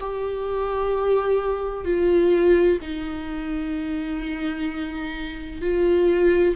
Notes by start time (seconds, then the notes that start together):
0.00 G4
1.85 F4
2.82 D#4
5.62 F4